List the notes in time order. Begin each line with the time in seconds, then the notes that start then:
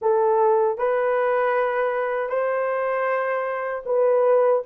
0.01 A4
0.78 B4
2.29 C5
3.85 B4